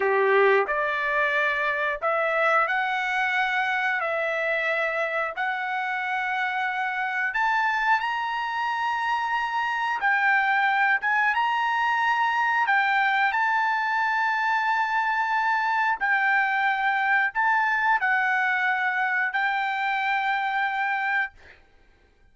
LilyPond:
\new Staff \with { instrumentName = "trumpet" } { \time 4/4 \tempo 4 = 90 g'4 d''2 e''4 | fis''2 e''2 | fis''2. a''4 | ais''2. g''4~ |
g''8 gis''8 ais''2 g''4 | a''1 | g''2 a''4 fis''4~ | fis''4 g''2. | }